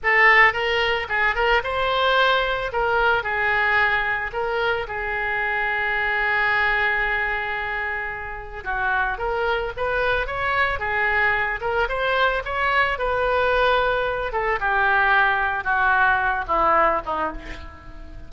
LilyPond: \new Staff \with { instrumentName = "oboe" } { \time 4/4 \tempo 4 = 111 a'4 ais'4 gis'8 ais'8 c''4~ | c''4 ais'4 gis'2 | ais'4 gis'2.~ | gis'1 |
fis'4 ais'4 b'4 cis''4 | gis'4. ais'8 c''4 cis''4 | b'2~ b'8 a'8 g'4~ | g'4 fis'4. e'4 dis'8 | }